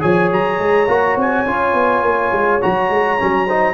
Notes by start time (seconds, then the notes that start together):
0.00 F3 G#4 C#5 G#5
0.31 F#3 A#5
0.59 G#3
0.88 A#3 F#4
1.16 C4 G#5
1.46 C#4 F4
1.74 B3
2.02 A#3
2.32 G#3
2.61 F#3 F#4 A#5
2.89 G#3
3.18 F#3 C#4
3.46 D#4 C5